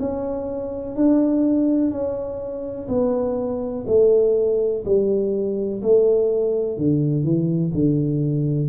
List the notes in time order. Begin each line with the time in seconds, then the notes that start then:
0.00 C#4
0.96 D4
1.91 C#4
2.88 B3
3.87 A3
4.85 G3
5.82 A3
6.77 D3
7.24 E3
7.74 D3